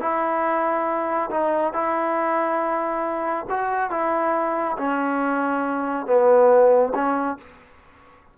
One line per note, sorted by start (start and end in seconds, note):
0.00 1.29 E4
1.30 1.73 D#4
1.73 3.46 E4
3.49 3.90 F#4
3.90 4.77 E4
4.77 6.06 C#4
6.06 6.92 B3
6.94 7.37 C#4